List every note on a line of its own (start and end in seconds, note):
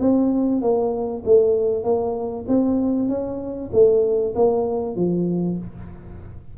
0.00 0.62 C4
0.62 1.23 A#3
1.25 1.84 A3
1.84 2.46 A#3
2.48 3.09 C4
3.09 3.71 C#4
3.73 4.35 A3
4.35 4.96 A#3
4.96 5.58 F3